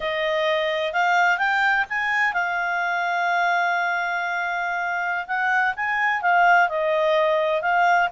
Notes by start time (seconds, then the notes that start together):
0.00 D#5
0.92 F5
1.38 G5
1.89 G#5
2.33 F5
5.27 F#5
5.75 G#5
6.21 F5
6.68 D#5
7.61 F5